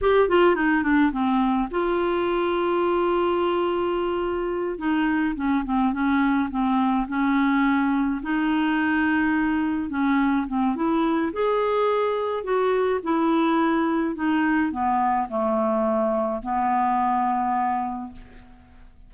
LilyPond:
\new Staff \with { instrumentName = "clarinet" } { \time 4/4 \tempo 4 = 106 g'8 f'8 dis'8 d'8 c'4 f'4~ | f'1~ | f'8 dis'4 cis'8 c'8 cis'4 c'8~ | c'8 cis'2 dis'4.~ |
dis'4. cis'4 c'8 e'4 | gis'2 fis'4 e'4~ | e'4 dis'4 b4 a4~ | a4 b2. | }